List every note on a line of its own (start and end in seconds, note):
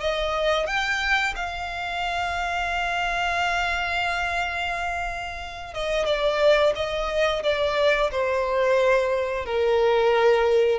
0.00 0.66 D#5
0.66 1.34 G5
1.36 5.74 F5
5.74 6.06 D#5
6.06 6.73 D5
6.75 7.42 D#5
7.43 8.10 D5
8.11 9.45 C5
9.45 10.79 A#4